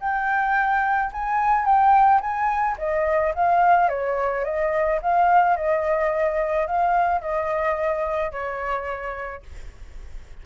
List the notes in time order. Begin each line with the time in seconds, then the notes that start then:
0.00 G5
1.12 G#5
1.65 G5
2.21 G#5
2.78 D#5
3.35 F5
3.89 C#5
4.45 D#5
5.03 F5
5.57 D#5
6.67 F5
7.21 D#5
8.32 C#5